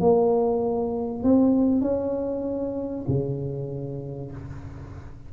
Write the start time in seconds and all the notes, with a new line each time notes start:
0.00 A#3
1.23 C4
1.81 C#4
3.07 C#3